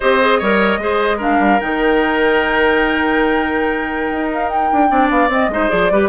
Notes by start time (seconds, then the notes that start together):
0.00 C4 G4 C5 D#5
0.21 G#4
0.38 G3 A#4 C#5
0.78 G#3 G#4 C5
1.17 D4 A#4 F5
1.39 G3
1.60 D#3 D#4 G5
4.11 D#4
4.32 F5
4.49 G5
4.72 D4
4.89 C4 D4 D5
5.10 B3 F5
5.29 C4 D#5
5.48 G#3 D#4 C5
5.69 F3 G#4 D5
5.90 G3 G4 B4